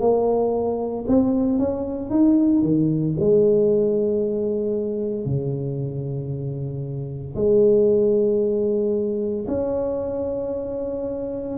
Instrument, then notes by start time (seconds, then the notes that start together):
tuba
0.00 A#3
1.07 C4
1.58 C#4
2.10 D#4
2.62 D#3
3.20 G#3
5.25 C#3
7.35 G#3
9.47 C#4